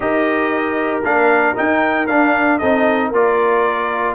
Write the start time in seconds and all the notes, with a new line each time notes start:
0.00 D#4 G4 A#4 D#5
1.03 A#3 D4 F5
1.55 D#4 G5
2.06 D4 F5
2.58 C4 D#4 A4 D#5
3.08 A#3 F4 A#4 D5